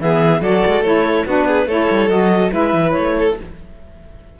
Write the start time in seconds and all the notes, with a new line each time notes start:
0.00 E3 B3 G#4 E5
0.41 F#3 F#4 A4 D5
0.66 G#3
0.81 A3 E4 C#5
1.26 B3 D4 F#4 B4
1.47 G#4
1.66 A3 E4 A4 C#5
1.90 G3
2.09 F#3 F#4 D#5
2.50 G#3 E4 B4 E5
2.73 E3
2.91 C#5
2.97 A3
3.18 A4